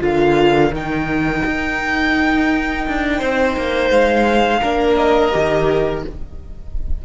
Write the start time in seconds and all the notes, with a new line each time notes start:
0.00 D3 F4 A#4 F5
0.71 D#3 D#4 G5
1.46 D#4
2.87 D4
3.18 C4 C5
3.56 A#3
3.90 G#3 F5
4.61 A#3 D4 A#4
4.96 D#5
5.32 D#3 G4